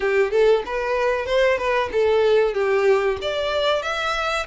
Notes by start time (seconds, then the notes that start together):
0.00 G4
0.31 A4
0.65 B4
1.26 C5
1.58 B4
1.92 A4
2.54 G4
3.21 D5
3.82 E5